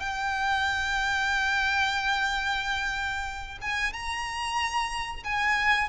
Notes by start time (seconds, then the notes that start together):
0.00 G5
3.61 G#5
3.93 A#5
5.24 G#5